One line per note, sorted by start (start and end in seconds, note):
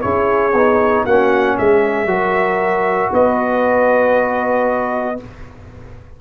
0.00 0.53 C#4
0.00 0.52 E4
0.00 1.04 G#4
0.00 1.04 C#5
0.53 1.05 B3
0.53 1.08 D#4
1.04 1.57 A#3
1.04 2.07 C#4
1.04 1.56 F#4
1.04 1.57 F#5
1.56 2.05 G#3
1.56 2.08 G#4
1.56 3.13 E5
2.05 3.08 F#3
2.05 5.17 F#4
2.05 3.12 A#4
3.12 5.19 B3
3.12 5.19 B4
3.12 5.20 D#5